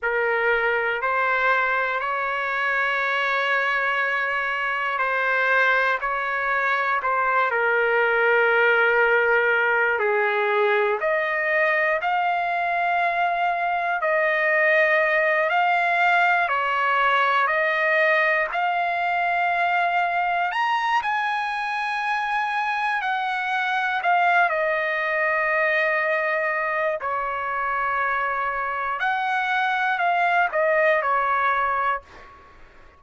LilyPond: \new Staff \with { instrumentName = "trumpet" } { \time 4/4 \tempo 4 = 60 ais'4 c''4 cis''2~ | cis''4 c''4 cis''4 c''8 ais'8~ | ais'2 gis'4 dis''4 | f''2 dis''4. f''8~ |
f''8 cis''4 dis''4 f''4.~ | f''8 ais''8 gis''2 fis''4 | f''8 dis''2~ dis''8 cis''4~ | cis''4 fis''4 f''8 dis''8 cis''4 | }